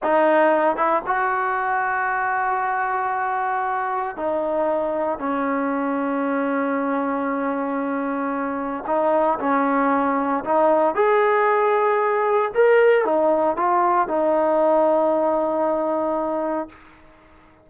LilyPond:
\new Staff \with { instrumentName = "trombone" } { \time 4/4 \tempo 4 = 115 dis'4. e'8 fis'2~ | fis'1 | dis'2 cis'2~ | cis'1~ |
cis'4 dis'4 cis'2 | dis'4 gis'2. | ais'4 dis'4 f'4 dis'4~ | dis'1 | }